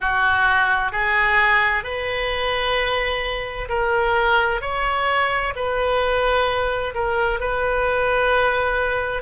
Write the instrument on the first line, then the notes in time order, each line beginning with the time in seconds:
oboe
0.00 F#4
0.91 G#4
1.83 B4
3.68 A#4
4.61 C#5
5.55 B4
6.94 A#4
7.39 B4